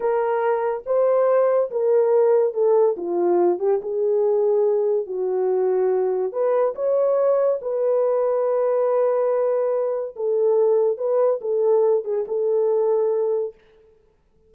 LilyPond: \new Staff \with { instrumentName = "horn" } { \time 4/4 \tempo 4 = 142 ais'2 c''2 | ais'2 a'4 f'4~ | f'8 g'8 gis'2. | fis'2. b'4 |
cis''2 b'2~ | b'1 | a'2 b'4 a'4~ | a'8 gis'8 a'2. | }